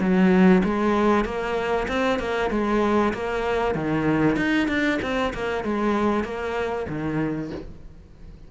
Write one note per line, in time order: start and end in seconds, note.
0.00 0.62 F#3
0.64 1.25 G#3
1.25 1.87 A#3
1.88 2.19 C4
2.19 2.50 A#3
2.50 3.13 G#3
3.13 3.75 A#3
3.75 4.36 D#3
4.36 4.68 D#4
4.68 4.99 D4
5.02 5.33 C4
5.34 5.64 A#3
5.64 6.24 G#3
6.24 6.86 A#3
6.89 7.51 D#3